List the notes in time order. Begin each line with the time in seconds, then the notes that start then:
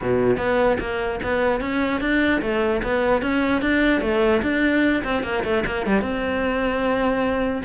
0.01 B2
0.37 B3
0.79 A#3
1.23 B3
1.61 C#4
2.00 D4
2.41 A3
2.83 B3
3.21 C#4
3.61 D4
4.01 A3
4.42 D4
5.04 C4
5.23 A#3
5.44 A3
5.66 A#3
5.86 G3
6.01 C4